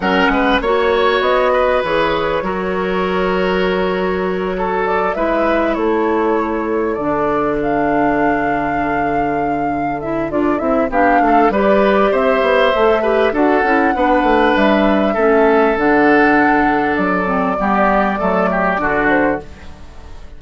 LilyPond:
<<
  \new Staff \with { instrumentName = "flute" } { \time 4/4 \tempo 4 = 99 fis''4 cis''4 dis''4 cis''4~ | cis''1 | d''8 e''4 cis''2 d''8~ | d''8 f''2.~ f''8~ |
f''8 e''8 d''8 e''8 f''4 d''4 | e''2 fis''2 | e''2 fis''2 | d''2.~ d''8 c''8 | }
  \new Staff \with { instrumentName = "oboe" } { \time 4/4 ais'8 b'8 cis''4. b'4. | ais'2.~ ais'8 a'8~ | a'8 b'4 a'2~ a'8~ | a'1~ |
a'2 g'8 a'8 b'4 | c''4. b'8 a'4 b'4~ | b'4 a'2.~ | a'4 g'4 a'8 g'8 fis'4 | }
  \new Staff \with { instrumentName = "clarinet" } { \time 4/4 cis'4 fis'2 gis'4 | fis'1~ | fis'8 e'2. d'8~ | d'1~ |
d'8 e'8 f'8 e'8 d'4 g'4~ | g'4 a'8 g'8 fis'8 e'8 d'4~ | d'4 cis'4 d'2~ | d'8 c'8 b4 a4 d'4 | }
  \new Staff \with { instrumentName = "bassoon" } { \time 4/4 fis8 gis8 ais4 b4 e4 | fis1~ | fis8 gis4 a2 d8~ | d1~ |
d4 d'8 c'8 b8 a8 g4 | c'8 b8 a4 d'8 cis'8 b8 a8 | g4 a4 d2 | fis4 g4 fis4 d4 | }
>>